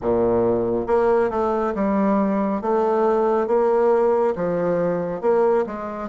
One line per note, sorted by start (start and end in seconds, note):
0.01 0.86 A#2
0.86 1.30 A#3
1.30 1.73 A3
1.74 2.61 G3
2.61 3.47 A3
3.47 4.34 A#3
4.35 5.21 F3
5.21 5.64 A#3
5.66 6.09 G#3